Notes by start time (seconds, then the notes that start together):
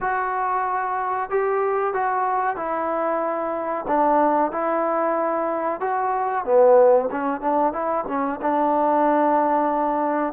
0.01 F#4
1.30 G4
1.93 F#4
2.56 E4
3.87 D4
4.51 E4
5.80 F#4
6.44 B3
7.11 C#4
7.40 D4
7.72 E4
8.08 C#4
8.41 D4